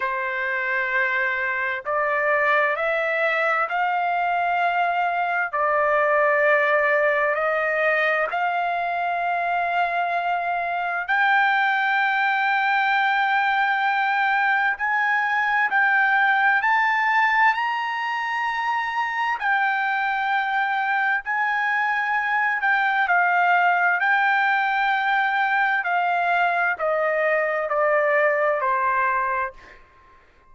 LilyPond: \new Staff \with { instrumentName = "trumpet" } { \time 4/4 \tempo 4 = 65 c''2 d''4 e''4 | f''2 d''2 | dis''4 f''2. | g''1 |
gis''4 g''4 a''4 ais''4~ | ais''4 g''2 gis''4~ | gis''8 g''8 f''4 g''2 | f''4 dis''4 d''4 c''4 | }